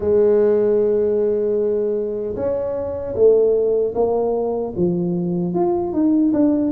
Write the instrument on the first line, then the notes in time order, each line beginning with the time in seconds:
tuba
0.00 G#3
2.35 C#4
3.15 A3
3.94 A#3
4.76 F3
5.54 F4
5.92 D#4
6.33 D4